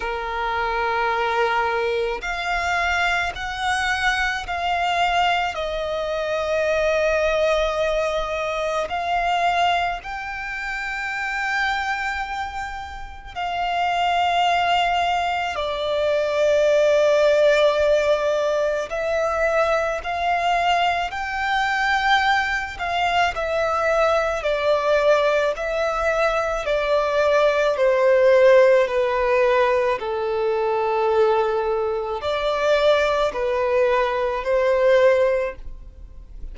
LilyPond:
\new Staff \with { instrumentName = "violin" } { \time 4/4 \tempo 4 = 54 ais'2 f''4 fis''4 | f''4 dis''2. | f''4 g''2. | f''2 d''2~ |
d''4 e''4 f''4 g''4~ | g''8 f''8 e''4 d''4 e''4 | d''4 c''4 b'4 a'4~ | a'4 d''4 b'4 c''4 | }